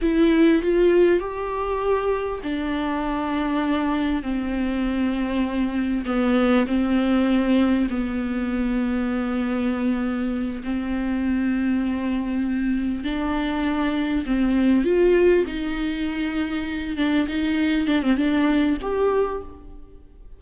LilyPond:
\new Staff \with { instrumentName = "viola" } { \time 4/4 \tempo 4 = 99 e'4 f'4 g'2 | d'2. c'4~ | c'2 b4 c'4~ | c'4 b2.~ |
b4. c'2~ c'8~ | c'4. d'2 c'8~ | c'8 f'4 dis'2~ dis'8 | d'8 dis'4 d'16 c'16 d'4 g'4 | }